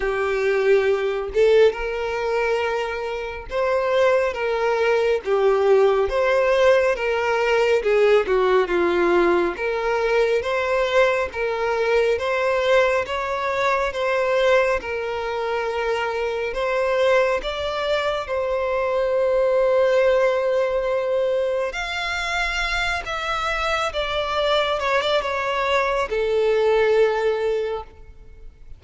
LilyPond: \new Staff \with { instrumentName = "violin" } { \time 4/4 \tempo 4 = 69 g'4. a'8 ais'2 | c''4 ais'4 g'4 c''4 | ais'4 gis'8 fis'8 f'4 ais'4 | c''4 ais'4 c''4 cis''4 |
c''4 ais'2 c''4 | d''4 c''2.~ | c''4 f''4. e''4 d''8~ | d''8 cis''16 d''16 cis''4 a'2 | }